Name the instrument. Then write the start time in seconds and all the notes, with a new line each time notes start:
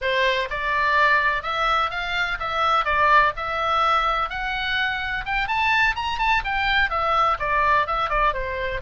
oboe
0.01 C5
0.50 D5
1.42 E5
1.90 F5
2.39 E5
2.84 D5
3.36 E5
4.29 F#5
5.25 G5
5.47 A5
5.95 A#5
6.18 A5
6.44 G5
6.89 E5
7.39 D5
7.86 E5
8.09 D5
8.33 C5